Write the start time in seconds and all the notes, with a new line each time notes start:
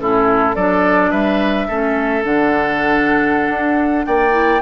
0.00 A2 C#4 E4 A4
0.56 F#3 D4 A4 D5
1.11 G3 B4 E5
1.68 A3 C#4 A4
2.23 D3 D4 F#5
3.50 D4
4.06 A#3 D5 G5
4.32 E4